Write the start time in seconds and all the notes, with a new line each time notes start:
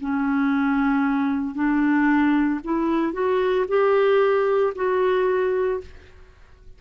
0.00 C#4
1.55 D4
2.64 E4
3.12 F#4
3.68 G4
4.75 F#4